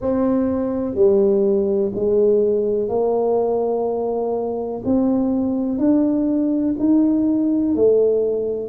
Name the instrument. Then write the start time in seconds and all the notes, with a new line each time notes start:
tuba
0.00 C4
0.94 G3
1.95 G#3
2.89 A#3
4.84 C4
5.78 D4
6.79 D#4
7.75 A3